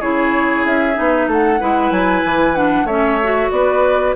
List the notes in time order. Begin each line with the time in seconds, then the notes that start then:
0.00 C#3 E4 G#4 C#5
0.65 C#4 E5
0.94 B3 D#4
1.28 A3 A4 F#5
1.60 G#3 E4 B4
1.91 F#3 G#5
2.25 E3
2.55 D4 F#5
2.84 A3 C#4 C#5 E5
3.23 F#4
3.51 B3 B4 D5